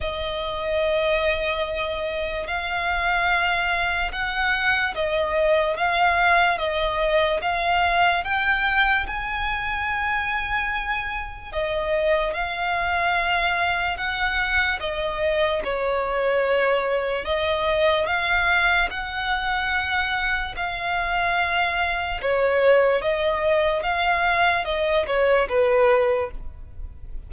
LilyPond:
\new Staff \with { instrumentName = "violin" } { \time 4/4 \tempo 4 = 73 dis''2. f''4~ | f''4 fis''4 dis''4 f''4 | dis''4 f''4 g''4 gis''4~ | gis''2 dis''4 f''4~ |
f''4 fis''4 dis''4 cis''4~ | cis''4 dis''4 f''4 fis''4~ | fis''4 f''2 cis''4 | dis''4 f''4 dis''8 cis''8 b'4 | }